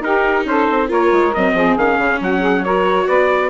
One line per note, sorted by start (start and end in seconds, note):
0.00 0.43 D#4
0.00 0.88 D#4
0.00 0.47 G4
0.00 0.46 A#4
0.44 0.66 C#4
0.44 0.88 A4
0.44 0.90 C5
0.70 0.90 C4
0.88 1.12 A#3
0.88 1.31 F4
0.88 1.53 A#4
0.88 1.33 C#5
1.12 1.33 G#3
1.33 1.53 F#3
1.33 1.79 C4
1.33 1.77 D#5
1.53 1.75 F3
1.53 2.19 G#4
1.76 1.98 D#3
1.76 2.65 C#4
1.76 2.21 F5
1.98 2.19 C#3
2.20 3.07 F#3
2.20 2.39 F#4
2.20 2.64 F#5
2.39 2.61 G#4
2.64 3.49 F#4
2.64 3.06 A#4
2.64 3.07 C#5
3.06 3.49 B3
3.06 3.49 B4
3.06 3.49 D5